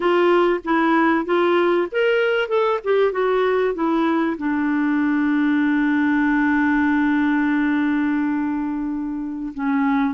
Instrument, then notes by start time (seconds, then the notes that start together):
clarinet
0.00 F4
0.64 E4
1.25 F4
1.91 A#4
2.48 A4
2.84 G4
3.12 F#4
3.74 E4
4.37 D4
9.54 C#4